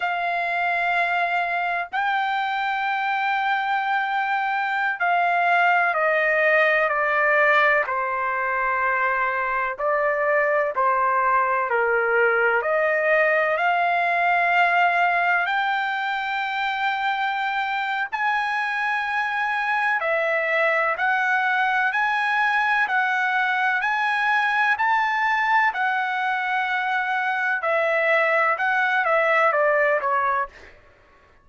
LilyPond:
\new Staff \with { instrumentName = "trumpet" } { \time 4/4 \tempo 4 = 63 f''2 g''2~ | g''4~ g''16 f''4 dis''4 d''8.~ | d''16 c''2 d''4 c''8.~ | c''16 ais'4 dis''4 f''4.~ f''16~ |
f''16 g''2~ g''8. gis''4~ | gis''4 e''4 fis''4 gis''4 | fis''4 gis''4 a''4 fis''4~ | fis''4 e''4 fis''8 e''8 d''8 cis''8 | }